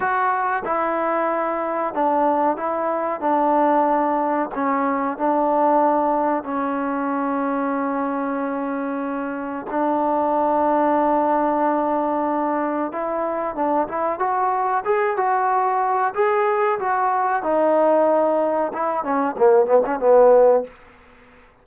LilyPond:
\new Staff \with { instrumentName = "trombone" } { \time 4/4 \tempo 4 = 93 fis'4 e'2 d'4 | e'4 d'2 cis'4 | d'2 cis'2~ | cis'2. d'4~ |
d'1 | e'4 d'8 e'8 fis'4 gis'8 fis'8~ | fis'4 gis'4 fis'4 dis'4~ | dis'4 e'8 cis'8 ais8 b16 cis'16 b4 | }